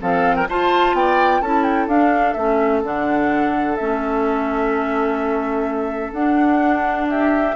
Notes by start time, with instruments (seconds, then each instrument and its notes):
0.00 bassoon F3, clarinet C4, oboe A4, flute F5
0.36 oboe A#4, flute G5
0.49 bassoon F4, clarinet F4, oboe C5, flute A5
0.93 bassoon B3, oboe D5, flute G5
1.41 bassoon C#4, clarinet E4, oboe A4, flute A5
1.63 flute G5
1.87 bassoon D4, clarinet D4, flute F5
2.33 bassoon A3, clarinet C#4, flute E5
2.84 bassoon D3, clarinet D4, flute F#5
3.76 bassoon A3, clarinet C#4, flute E5
6.12 bassoon D4, clarinet D4, flute F#5
7.10 oboe G4, flute E5